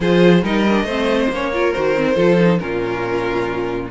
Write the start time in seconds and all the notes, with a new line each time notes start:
0.00 F3 F4 G#4 C5
0.42 G3 D#4 A#4 D#5
0.68 D4
0.83 A3 C4 C5
1.29 A#3 C#4 C#5
1.53 F4 A#4
1.72 D#3 F#4 C5
1.95 C4
2.15 F3 F4 A4
2.39 D#4
2.58 A#2 C#4 F4 A#4